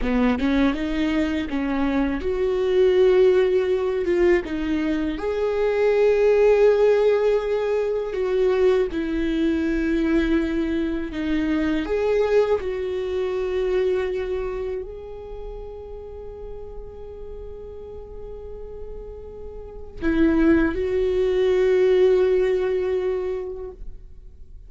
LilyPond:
\new Staff \with { instrumentName = "viola" } { \time 4/4 \tempo 4 = 81 b8 cis'8 dis'4 cis'4 fis'4~ | fis'4. f'8 dis'4 gis'4~ | gis'2. fis'4 | e'2. dis'4 |
gis'4 fis'2. | gis'1~ | gis'2. e'4 | fis'1 | }